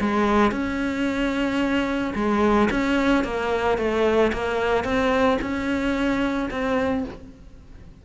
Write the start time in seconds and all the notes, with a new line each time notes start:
0.00 G#3
0.51 C#4
2.15 G#3
2.70 C#4
3.24 A#3
3.78 A3
4.33 A#3
4.84 C4
5.41 C#4
6.50 C4